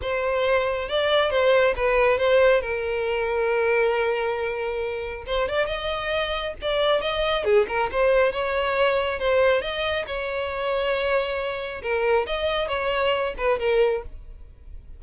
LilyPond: \new Staff \with { instrumentName = "violin" } { \time 4/4 \tempo 4 = 137 c''2 d''4 c''4 | b'4 c''4 ais'2~ | ais'1 | c''8 d''8 dis''2 d''4 |
dis''4 gis'8 ais'8 c''4 cis''4~ | cis''4 c''4 dis''4 cis''4~ | cis''2. ais'4 | dis''4 cis''4. b'8 ais'4 | }